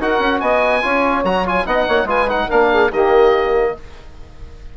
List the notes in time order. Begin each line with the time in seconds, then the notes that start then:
0.00 D#4 F#4 A#4 F#5
0.19 C#4
0.41 B3 D#5 G#5
0.82 C#4 F4 C#5
1.24 F#3 F#4 A#5
1.46 F4 G#5
1.66 B3 D#4 D#5 F#5
1.86 A#3 C#5
2.04 G#3 F4 B4 G#5
2.29 D#4 F#5
2.48 A#3 D4 A#4 F5
2.73 G#4
2.91 D#3 A#3 G4 D#5